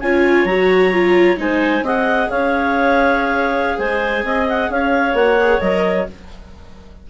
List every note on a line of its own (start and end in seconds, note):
0.00 0.44 C#4
0.00 0.49 F4
0.00 1.41 C#5
0.00 0.45 G#5
0.44 1.36 F#3
0.44 0.93 F#4
0.44 1.37 A#5
0.93 1.37 F4
1.37 1.81 G#3
1.37 1.82 D#4
1.37 1.84 C5
1.37 1.85 G#5
1.81 2.27 C4
1.81 5.14 G#4
1.81 2.29 D#5
1.81 2.30 F#5
2.29 3.78 C#4
2.29 3.78 C#5
2.29 3.78 F5
3.78 4.23 G#3
3.78 4.24 C5
3.78 4.47 G#5
4.24 4.69 C4
4.24 4.71 D#5
4.48 4.71 F#5
4.69 5.13 C#4
4.69 6.09 C#5
4.69 5.15 F5
5.13 5.59 A#3
5.13 5.37 F#4
5.13 5.60 F#5
5.40 5.60 G#4
5.60 6.07 F#3
5.60 6.06 A#4
5.60 6.06 D#5